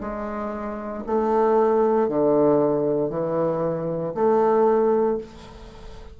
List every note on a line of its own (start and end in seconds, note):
0.00 1.03 G#3
1.06 2.08 A3
2.08 3.09 D3
3.09 4.13 E3
4.14 5.18 A3